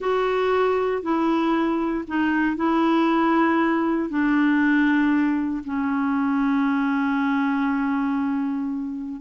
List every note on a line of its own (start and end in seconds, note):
0.00 1.02 F#4
1.02 2.04 E4
2.07 2.56 D#4
2.56 4.09 E4
4.09 5.63 D4
5.64 9.21 C#4